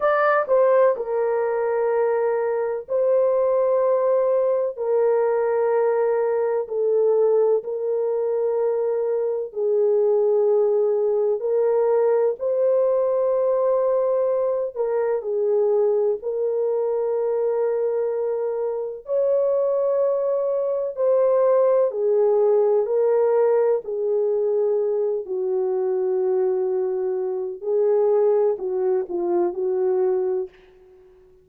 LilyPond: \new Staff \with { instrumentName = "horn" } { \time 4/4 \tempo 4 = 63 d''8 c''8 ais'2 c''4~ | c''4 ais'2 a'4 | ais'2 gis'2 | ais'4 c''2~ c''8 ais'8 |
gis'4 ais'2. | cis''2 c''4 gis'4 | ais'4 gis'4. fis'4.~ | fis'4 gis'4 fis'8 f'8 fis'4 | }